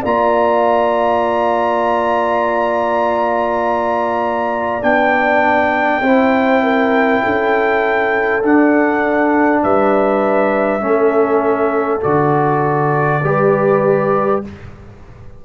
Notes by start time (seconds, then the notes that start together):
0.00 A#3 F4 D5 A#5
4.81 B3 D4 G5
6.01 C4 E4 C5
6.63 A#4
7.22 C#4 A4
8.43 D4 F#5
9.62 G3 B4 E5
10.80 A3 C#4 A4
12.01 D3 F#4 D5
13.23 G3 G4 B4